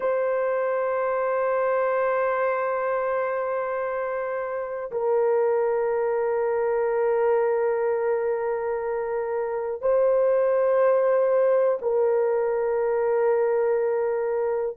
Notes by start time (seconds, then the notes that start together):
0.00 C5
4.91 A#4
9.81 C5
11.81 A#4